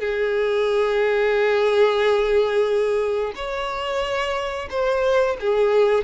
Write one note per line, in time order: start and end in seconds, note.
0.00 3.33 G#4
3.36 4.69 C#5
4.70 5.37 C5
5.41 6.05 G#4